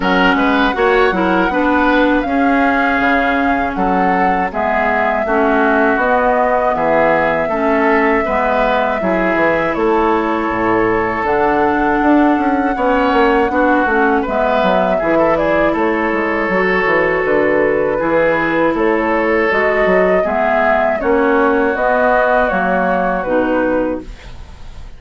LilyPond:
<<
  \new Staff \with { instrumentName = "flute" } { \time 4/4 \tempo 4 = 80 fis''2. f''4~ | f''4 fis''4 e''2 | dis''4 e''2.~ | e''4 cis''2 fis''4~ |
fis''2. e''4~ | e''8 d''8 cis''2 b'4~ | b'4 cis''4 dis''4 e''4 | cis''4 dis''4 cis''4 b'4 | }
  \new Staff \with { instrumentName = "oboe" } { \time 4/4 ais'8 b'8 cis''8 ais'8 b'4 gis'4~ | gis'4 a'4 gis'4 fis'4~ | fis'4 gis'4 a'4 b'4 | gis'4 a'2.~ |
a'4 cis''4 fis'4 b'4 | gis'16 a'16 gis'8 a'2. | gis'4 a'2 gis'4 | fis'1 | }
  \new Staff \with { instrumentName = "clarinet" } { \time 4/4 cis'4 fis'8 e'8 d'4 cis'4~ | cis'2 b4 cis'4 | b2 cis'4 b4 | e'2. d'4~ |
d'4 cis'4 d'8 cis'8 b4 | e'2 fis'2 | e'2 fis'4 b4 | cis'4 b4 ais4 dis'4 | }
  \new Staff \with { instrumentName = "bassoon" } { \time 4/4 fis8 gis8 ais8 fis8 b4 cis'4 | cis4 fis4 gis4 a4 | b4 e4 a4 gis4 | fis8 e8 a4 a,4 d4 |
d'8 cis'8 b8 ais8 b8 a8 gis8 fis8 | e4 a8 gis8 fis8 e8 d4 | e4 a4 gis8 fis8 gis4 | ais4 b4 fis4 b,4 | }
>>